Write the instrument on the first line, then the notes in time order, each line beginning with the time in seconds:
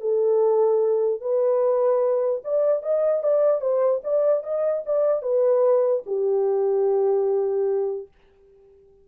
horn
0.00 A4
1.21 B4
2.44 D5
2.82 D#5
3.23 D5
3.61 C5
4.03 D5
4.43 D#5
4.85 D5
5.22 B4
6.06 G4